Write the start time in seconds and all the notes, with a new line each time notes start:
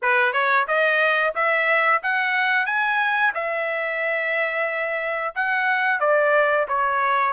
0.02 B4
0.32 C#5
0.67 D#5
1.35 E5
2.02 F#5
2.66 G#5
3.34 E5
5.35 F#5
6.00 D5
6.68 C#5